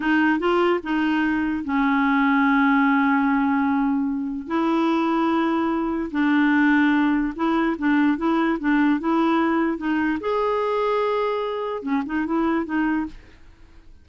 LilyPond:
\new Staff \with { instrumentName = "clarinet" } { \time 4/4 \tempo 4 = 147 dis'4 f'4 dis'2 | cis'1~ | cis'2. e'4~ | e'2. d'4~ |
d'2 e'4 d'4 | e'4 d'4 e'2 | dis'4 gis'2.~ | gis'4 cis'8 dis'8 e'4 dis'4 | }